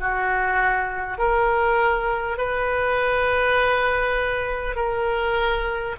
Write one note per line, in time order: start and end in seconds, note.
0.00 1.18 F#4
1.18 2.37 A#4
2.37 4.76 B4
4.76 5.96 A#4